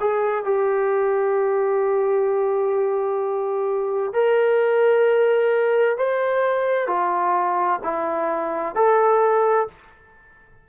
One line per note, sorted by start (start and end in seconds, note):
0.00 0.44 G#4
0.44 4.13 G4
4.13 5.97 A#4
5.97 6.87 C5
6.87 7.80 F4
7.84 8.75 E4
8.75 9.68 A4